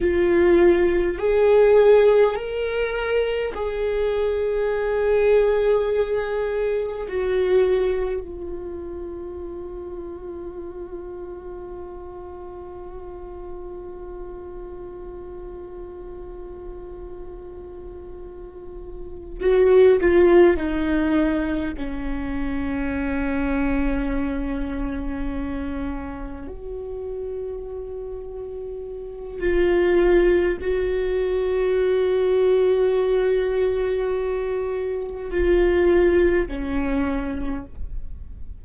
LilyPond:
\new Staff \with { instrumentName = "viola" } { \time 4/4 \tempo 4 = 51 f'4 gis'4 ais'4 gis'4~ | gis'2 fis'4 f'4~ | f'1~ | f'1~ |
f'8 fis'8 f'8 dis'4 cis'4.~ | cis'2~ cis'8 fis'4.~ | fis'4 f'4 fis'2~ | fis'2 f'4 cis'4 | }